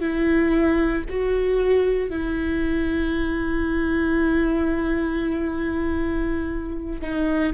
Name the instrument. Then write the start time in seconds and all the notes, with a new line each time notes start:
viola
0.00 E4
1.09 F#4
2.10 E4
7.01 D#4